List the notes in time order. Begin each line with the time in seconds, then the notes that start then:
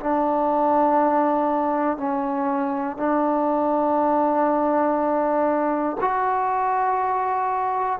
0.00 D4
1.98 C#4
2.98 D4
6.01 F#4